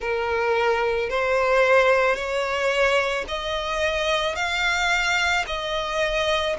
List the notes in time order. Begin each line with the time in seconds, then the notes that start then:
0.00 A#4
1.09 C5
2.15 C#5
3.28 D#5
4.35 F5
5.46 D#5